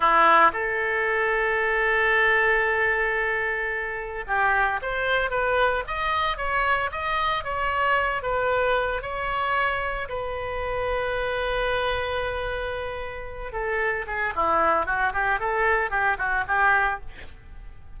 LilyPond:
\new Staff \with { instrumentName = "oboe" } { \time 4/4 \tempo 4 = 113 e'4 a'2.~ | a'1 | g'4 c''4 b'4 dis''4 | cis''4 dis''4 cis''4. b'8~ |
b'4 cis''2 b'4~ | b'1~ | b'4. a'4 gis'8 e'4 | fis'8 g'8 a'4 g'8 fis'8 g'4 | }